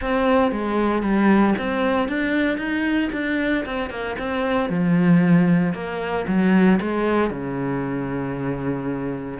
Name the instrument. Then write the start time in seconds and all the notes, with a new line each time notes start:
cello
0.01 C4
0.51 G#3
1.02 G3
1.58 C4
2.08 D4
2.57 D#4
3.12 D4
3.65 C4
3.89 A#3
4.18 C4
4.69 F3
5.73 A#3
6.27 F#3
6.80 G#3
7.30 C#3